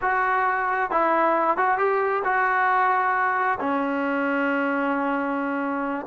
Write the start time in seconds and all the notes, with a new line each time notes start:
0.01 F#4
0.90 E4
1.57 F#4
1.77 G4
2.24 F#4
3.59 C#4